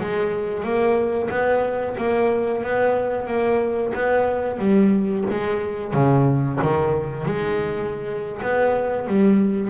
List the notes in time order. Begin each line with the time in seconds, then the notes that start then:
0.00 G#3
0.63 A#3
1.30 B3
1.97 A#3
2.63 B3
3.27 A#3
3.94 B3
4.59 G3
5.30 G#3
5.93 C#3
6.62 D#3
7.25 G#3
8.42 B3
9.07 G3